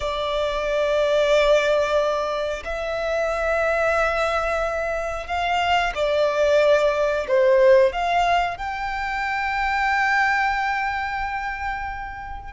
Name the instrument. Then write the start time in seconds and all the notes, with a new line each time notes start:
violin
0.00 D5
2.64 E5
5.26 F5
5.95 D5
7.28 C5
7.92 F5
8.57 G5